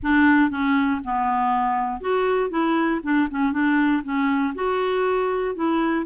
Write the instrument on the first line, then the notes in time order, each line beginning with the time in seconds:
clarinet
0.02 D4
0.50 C#4
1.04 B3
2.00 F#4
2.50 E4
3.03 D4
3.30 C#4
3.52 D4
4.03 C#4
4.54 F#4
5.55 E4